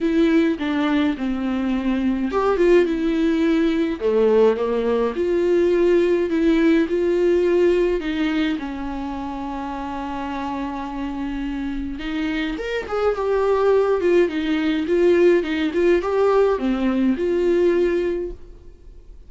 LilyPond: \new Staff \with { instrumentName = "viola" } { \time 4/4 \tempo 4 = 105 e'4 d'4 c'2 | g'8 f'8 e'2 a4 | ais4 f'2 e'4 | f'2 dis'4 cis'4~ |
cis'1~ | cis'4 dis'4 ais'8 gis'8 g'4~ | g'8 f'8 dis'4 f'4 dis'8 f'8 | g'4 c'4 f'2 | }